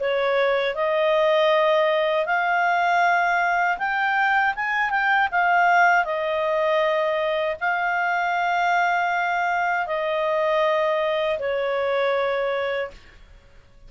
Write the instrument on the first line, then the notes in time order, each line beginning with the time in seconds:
clarinet
0.00 C#5
0.75 D#5
2.26 F5
3.78 G5
4.56 G#5
4.91 G5
5.32 F5
6.05 D#5
7.61 F5
9.87 D#5
11.40 C#5